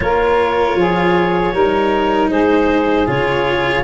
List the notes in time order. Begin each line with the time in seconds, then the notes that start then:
0.00 A#3 F4 A#4 C#5
0.75 F3 G#4
1.53 G3 D#4 A#4
2.29 G#3 G#4 C5
3.06 C#3 F4 C#5